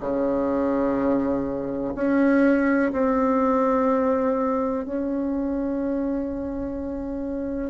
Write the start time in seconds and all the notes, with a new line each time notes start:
0.00 C#3
1.95 C#4
2.92 C4
4.84 C#4